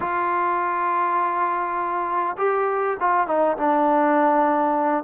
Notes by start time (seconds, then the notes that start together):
0.00 F4
2.37 G4
3.00 F4
3.27 D#4
3.57 D4